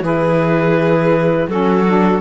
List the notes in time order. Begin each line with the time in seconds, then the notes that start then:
0.00 E3 E4 G#4 B4
1.47 F#3 C#4 F#4 A4
1.87 D4